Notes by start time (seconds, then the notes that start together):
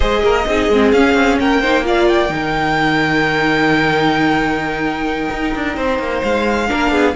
0.00 G#3 G#4 C5 D#5
0.22 A#3 A#4
0.46 C4 D#4 G#4
0.69 G#3 C4
0.91 C#4 F5
1.14 C4
1.39 A#3 A#4 G5
1.61 D#4 C5
1.83 F4 D5 F5
2.07 G5
2.28 D#3 D#4
2.34 A#4
5.30 D#4
5.54 D4
5.76 C4 C5
5.98 A#3
6.22 G#3 F5
6.67 A#3 D4 A#4
6.90 B3 G#4